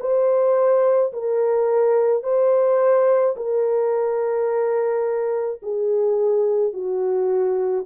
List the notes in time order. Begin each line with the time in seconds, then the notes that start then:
0.00 C5
1.13 A#4
2.23 C5
3.36 A#4
5.63 G#4
6.73 F#4